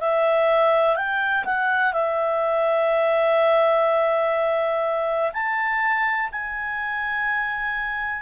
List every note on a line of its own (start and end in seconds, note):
0.00 0.96 E5
0.96 1.44 G5
1.45 1.93 F#5
1.93 5.31 E5
5.33 6.29 A5
6.31 8.22 G#5